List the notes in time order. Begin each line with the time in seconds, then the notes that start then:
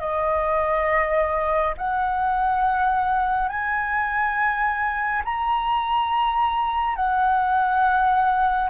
0.00 D#5
1.77 F#5
3.49 G#5
5.25 A#5
6.96 F#5